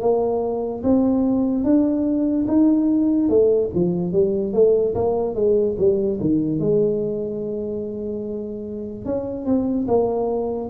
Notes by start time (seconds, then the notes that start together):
0.00 A#3
0.83 C4
1.63 D4
2.47 D#4
3.29 A3
3.74 F3
4.12 G3
4.53 A3
4.94 A#3
5.34 G#3
5.78 G3
6.20 D#3
6.59 G#3
9.05 C#4
9.45 C4
9.87 A#3